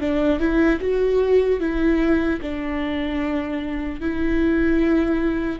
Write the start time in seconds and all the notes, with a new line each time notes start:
0.00 D4
0.39 E4
0.80 F#4
1.60 E4
2.41 D4
4.00 E4